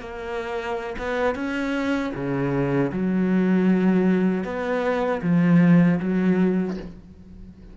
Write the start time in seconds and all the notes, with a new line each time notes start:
0.00 A#3
0.98 B3
1.35 C#4
2.15 C#3
2.92 F#3
4.44 B3
5.23 F3
6.00 F#3